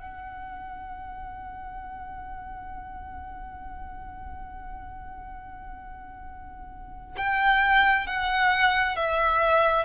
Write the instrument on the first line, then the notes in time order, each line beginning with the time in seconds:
violin
0.00 F#5
7.17 G5
8.07 F#5
8.96 E5